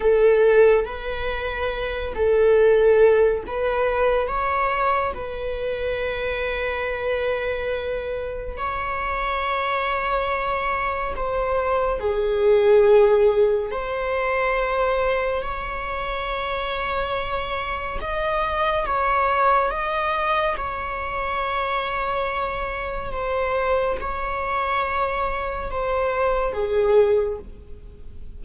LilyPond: \new Staff \with { instrumentName = "viola" } { \time 4/4 \tempo 4 = 70 a'4 b'4. a'4. | b'4 cis''4 b'2~ | b'2 cis''2~ | cis''4 c''4 gis'2 |
c''2 cis''2~ | cis''4 dis''4 cis''4 dis''4 | cis''2. c''4 | cis''2 c''4 gis'4 | }